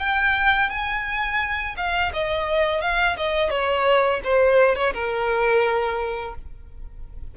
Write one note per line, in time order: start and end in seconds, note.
0.00 0.70 G5
0.70 1.76 G#5
1.77 2.12 F5
2.13 2.81 D#5
2.81 3.17 F5
3.17 3.50 D#5
3.50 4.21 C#5
4.24 4.76 C5
4.76 4.94 C#5
4.94 6.35 A#4